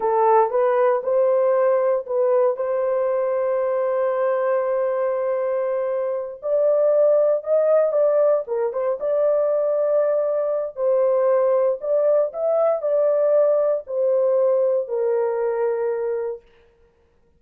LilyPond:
\new Staff \with { instrumentName = "horn" } { \time 4/4 \tempo 4 = 117 a'4 b'4 c''2 | b'4 c''2.~ | c''1~ | c''8 d''2 dis''4 d''8~ |
d''8 ais'8 c''8 d''2~ d''8~ | d''4 c''2 d''4 | e''4 d''2 c''4~ | c''4 ais'2. | }